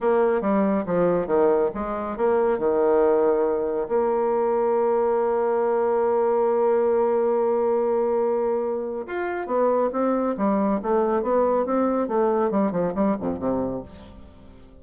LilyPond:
\new Staff \with { instrumentName = "bassoon" } { \time 4/4 \tempo 4 = 139 ais4 g4 f4 dis4 | gis4 ais4 dis2~ | dis4 ais2.~ | ais1~ |
ais1~ | ais4 f'4 b4 c'4 | g4 a4 b4 c'4 | a4 g8 f8 g8 f,8 c4 | }